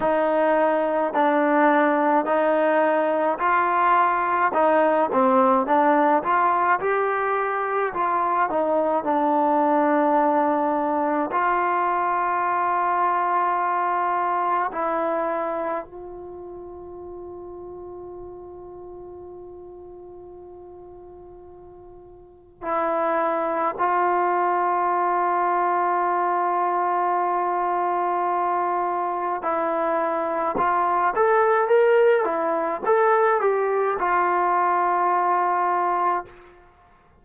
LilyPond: \new Staff \with { instrumentName = "trombone" } { \time 4/4 \tempo 4 = 53 dis'4 d'4 dis'4 f'4 | dis'8 c'8 d'8 f'8 g'4 f'8 dis'8 | d'2 f'2~ | f'4 e'4 f'2~ |
f'1 | e'4 f'2.~ | f'2 e'4 f'8 a'8 | ais'8 e'8 a'8 g'8 f'2 | }